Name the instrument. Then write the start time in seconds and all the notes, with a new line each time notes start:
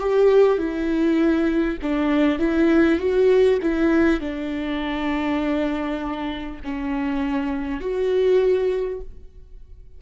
viola
0.00 G4
0.58 E4
1.82 D4
2.39 E4
2.99 F#4
3.62 E4
4.21 D4
6.64 C#4
7.81 F#4